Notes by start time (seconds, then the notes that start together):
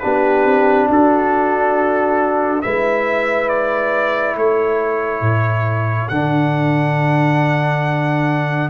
0.00 B3 D4 G4 B4
0.45 C4
0.89 D4 F#4 A4
2.62 G#3 E4 B4 E5
3.49 D5
4.36 A3 A4 C#5
5.21 A2
6.08 D3 D4 F#5